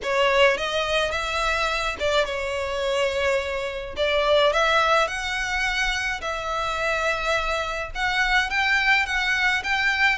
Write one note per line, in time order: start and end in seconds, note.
0.03 0.57 C#5
0.57 1.11 D#5
1.11 1.96 E5
1.99 2.25 D5
2.25 3.95 C#5
3.96 4.53 D5
4.53 5.07 E5
5.07 6.20 F#5
6.21 7.91 E5
7.94 8.50 F#5
8.50 9.06 G5
9.06 9.62 F#5
9.63 10.18 G5